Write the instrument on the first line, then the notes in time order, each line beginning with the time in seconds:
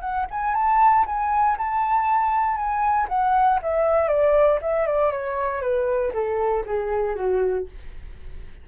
flute
0.00 F#5
0.30 G#5
0.54 A5
1.06 G#5
1.57 A5
2.56 G#5
3.09 F#5
3.62 E5
4.08 D5
4.61 E5
4.86 D5
5.12 C#5
5.61 B4
6.13 A4
6.66 G#4
7.15 F#4